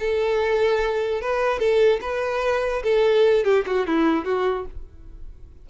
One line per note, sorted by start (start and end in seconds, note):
0.00 1.22 A4
1.22 1.60 B4
1.60 2.01 A4
2.01 2.83 B4
2.83 3.45 A4
3.45 3.65 G4
3.67 3.87 F#4
3.87 4.25 E4
4.25 4.66 F#4